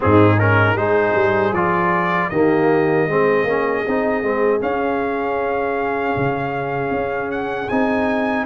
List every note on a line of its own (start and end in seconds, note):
0.00 0.75 G#2
0.00 0.37 C4
0.00 0.75 D#4
0.00 0.39 G#4
0.39 0.76 C#4
0.39 0.76 A#4
0.75 1.14 G#3
0.75 1.53 D#4
0.75 2.29 G#4
0.75 1.53 C5
1.14 1.52 G3
1.52 2.29 F3
1.52 2.32 F4
1.52 2.29 D5
2.29 3.06 D#3
2.29 3.09 A#3
2.29 3.08 G4
2.29 4.60 D#5
3.06 3.43 G#3
3.06 3.47 C4
3.06 8.45 G#4
3.43 3.82 A#3
3.43 3.85 C#4
3.87 4.22 C4
3.87 4.23 D#4
4.22 4.61 G#3
4.22 4.60 C4
4.60 7.67 C#4
4.60 6.16 C#4
4.60 7.31 F5
6.16 6.90 C#3
6.90 7.67 C#4
7.31 7.68 F#5
7.68 8.45 C4
7.68 8.45 D#4
7.68 8.45 G#5